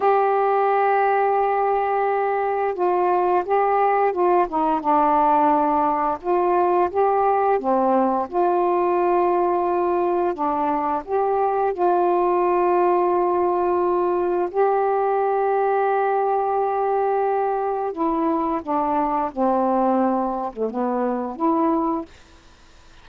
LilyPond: \new Staff \with { instrumentName = "saxophone" } { \time 4/4 \tempo 4 = 87 g'1 | f'4 g'4 f'8 dis'8 d'4~ | d'4 f'4 g'4 c'4 | f'2. d'4 |
g'4 f'2.~ | f'4 g'2.~ | g'2 e'4 d'4 | c'4.~ c'16 a16 b4 e'4 | }